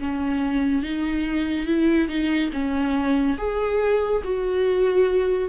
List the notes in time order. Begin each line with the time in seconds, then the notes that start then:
0.00 C#4
0.83 D#4
1.67 E4
2.09 D#4
2.53 C#4
3.38 G#4
4.24 F#4